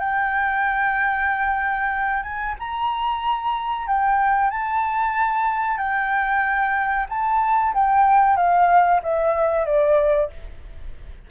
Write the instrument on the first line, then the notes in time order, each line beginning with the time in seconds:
flute
0.00 G5
2.23 G#5
2.60 A#5
3.88 G5
4.51 A5
5.78 G5
7.09 A5
7.74 G5
8.37 F5
9.03 E5
9.66 D5